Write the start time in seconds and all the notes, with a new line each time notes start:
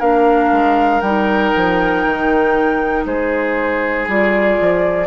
0.00 A#3 D4 A#4 F5
0.52 G#3
1.01 G3 D#4 G5
1.56 F3
2.06 D#3
3.06 G#3 G#4 C5
4.08 G3 F4 D5
4.61 F3